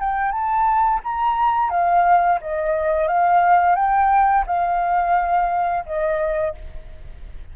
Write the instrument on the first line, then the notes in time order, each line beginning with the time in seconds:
flute
0.00 G5
0.32 A5
1.04 A#5
1.70 F5
2.41 D#5
3.08 F5
3.76 G5
4.47 F5
5.86 D#5